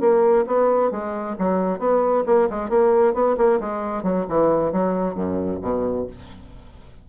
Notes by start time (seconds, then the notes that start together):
0.00 A#3
0.46 B3
0.91 G#3
1.38 F#3
1.79 B3
2.26 A#3
2.50 G#3
2.69 A#3
3.14 B3
3.37 A#3
3.60 G#3
4.03 F#3
4.28 E3
4.72 F#3
5.15 F#2
5.62 B2